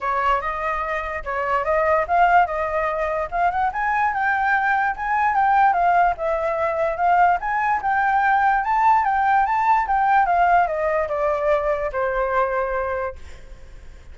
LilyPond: \new Staff \with { instrumentName = "flute" } { \time 4/4 \tempo 4 = 146 cis''4 dis''2 cis''4 | dis''4 f''4 dis''2 | f''8 fis''8 gis''4 g''2 | gis''4 g''4 f''4 e''4~ |
e''4 f''4 gis''4 g''4~ | g''4 a''4 g''4 a''4 | g''4 f''4 dis''4 d''4~ | d''4 c''2. | }